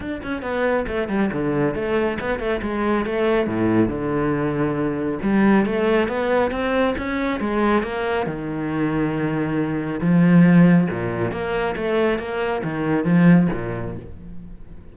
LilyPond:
\new Staff \with { instrumentName = "cello" } { \time 4/4 \tempo 4 = 138 d'8 cis'8 b4 a8 g8 d4 | a4 b8 a8 gis4 a4 | a,4 d2. | g4 a4 b4 c'4 |
cis'4 gis4 ais4 dis4~ | dis2. f4~ | f4 ais,4 ais4 a4 | ais4 dis4 f4 ais,4 | }